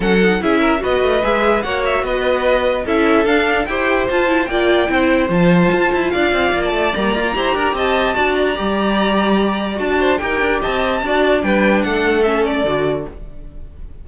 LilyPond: <<
  \new Staff \with { instrumentName = "violin" } { \time 4/4 \tempo 4 = 147 fis''4 e''4 dis''4 e''4 | fis''8 e''8 dis''2 e''4 | f''4 g''4 a''4 g''4~ | g''4 a''2 f''4~ |
f''16 a''8. ais''2 a''4~ | a''8 ais''2.~ ais''8 | a''4 g''4 a''2 | g''4 fis''4 e''8 d''4. | }
  \new Staff \with { instrumentName = "violin" } { \time 4/4 a'4 gis'8 ais'8 b'2 | cis''4 b'2 a'4~ | a'4 c''2 d''4 | c''2. d''4~ |
d''2 c''8 ais'8 dis''4 | d''1~ | d''8 c''8 ais'4 dis''4 d''4 | b'4 a'2. | }
  \new Staff \with { instrumentName = "viola" } { \time 4/4 cis'8 dis'8 e'4 fis'4 gis'4 | fis'2. e'4 | d'4 g'4 f'8 e'8 f'4 | e'4 f'2.~ |
f'4 ais4 g'2 | fis'4 g'2. | fis'4 g'2 fis'4 | d'2 cis'4 fis'4 | }
  \new Staff \with { instrumentName = "cello" } { \time 4/4 fis4 cis'4 b8 a8 gis4 | ais4 b2 cis'4 | d'4 e'4 f'4 ais4 | c'4 f4 f'8 e'8 d'8 c'8 |
ais8 a8 g8 f'8 e'8 d'8 c'4 | d'4 g2. | d'4 dis'8 d'8 c'4 d'4 | g4 a2 d4 | }
>>